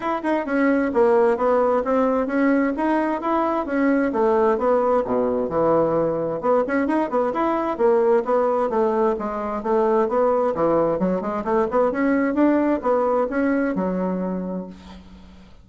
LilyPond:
\new Staff \with { instrumentName = "bassoon" } { \time 4/4 \tempo 4 = 131 e'8 dis'8 cis'4 ais4 b4 | c'4 cis'4 dis'4 e'4 | cis'4 a4 b4 b,4 | e2 b8 cis'8 dis'8 b8 |
e'4 ais4 b4 a4 | gis4 a4 b4 e4 | fis8 gis8 a8 b8 cis'4 d'4 | b4 cis'4 fis2 | }